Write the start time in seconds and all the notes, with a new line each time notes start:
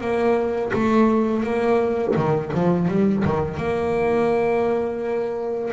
0.00 A#3
0.73 A3
1.43 A#3
2.16 D#3
2.53 F3
2.88 G3
3.24 D#3
3.56 A#3